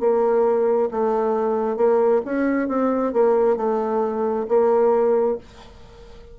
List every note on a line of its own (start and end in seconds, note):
0.00 0.90 A#3
0.91 1.77 A3
1.77 2.21 A#3
2.26 2.68 C#4
2.68 3.13 C4
3.13 3.57 A#3
3.57 4.46 A3
4.48 5.38 A#3